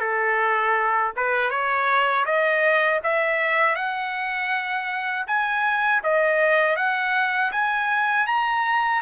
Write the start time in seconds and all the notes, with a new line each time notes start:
0.00 A4
1.16 B4
1.50 C#5
2.26 D#5
3.04 E5
3.76 F#5
5.27 G#5
6.04 D#5
6.77 F#5
7.52 G#5
8.27 A#5